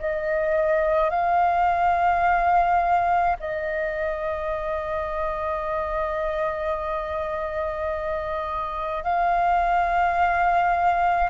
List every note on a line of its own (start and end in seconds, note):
0.00 1.11 D#5
1.11 3.37 F5
3.40 9.04 D#5
9.04 11.31 F5